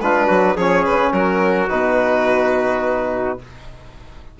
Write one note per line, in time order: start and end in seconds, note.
0.00 0.28 G#3
0.00 0.56 D4
0.00 0.26 F4
0.00 0.57 B4
0.26 0.56 F#3
0.26 0.54 F#4
0.55 0.84 F3
0.55 1.69 C#4
0.55 1.12 G#4
0.55 0.84 C#5
0.84 1.12 C#3
0.84 1.12 B4
1.12 1.69 F#3
1.12 3.39 F#4
1.12 1.69 A#4
1.69 3.39 B2
1.69 3.38 D#4
1.69 3.38 B4